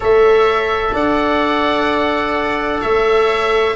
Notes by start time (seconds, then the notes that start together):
0.00 A3 A4 C#5 E5
0.93 D4 D5 F#5
2.80 A3 C#5 E5